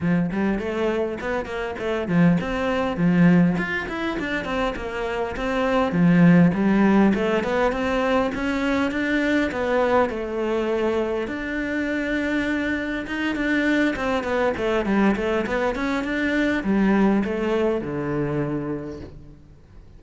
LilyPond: \new Staff \with { instrumentName = "cello" } { \time 4/4 \tempo 4 = 101 f8 g8 a4 b8 ais8 a8 f8 | c'4 f4 f'8 e'8 d'8 c'8 | ais4 c'4 f4 g4 | a8 b8 c'4 cis'4 d'4 |
b4 a2 d'4~ | d'2 dis'8 d'4 c'8 | b8 a8 g8 a8 b8 cis'8 d'4 | g4 a4 d2 | }